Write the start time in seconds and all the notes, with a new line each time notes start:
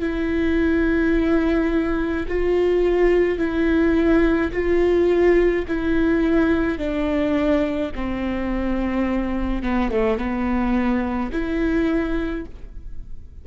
0.00 E4
2.28 F4
3.39 E4
4.52 F4
5.68 E4
6.78 D4
7.95 C4
9.63 B3
9.92 A3
10.18 B3
11.33 E4